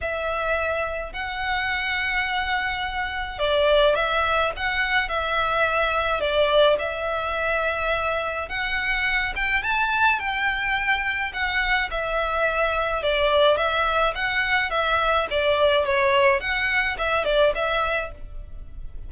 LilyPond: \new Staff \with { instrumentName = "violin" } { \time 4/4 \tempo 4 = 106 e''2 fis''2~ | fis''2 d''4 e''4 | fis''4 e''2 d''4 | e''2. fis''4~ |
fis''8 g''8 a''4 g''2 | fis''4 e''2 d''4 | e''4 fis''4 e''4 d''4 | cis''4 fis''4 e''8 d''8 e''4 | }